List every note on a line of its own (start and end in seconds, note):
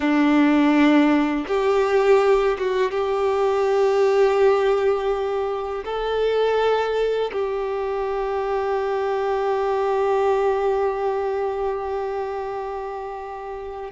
0.00 1.46 D4
1.47 2.57 G4
2.58 2.91 F#4
2.91 5.84 G4
5.84 7.31 A4
7.32 13.91 G4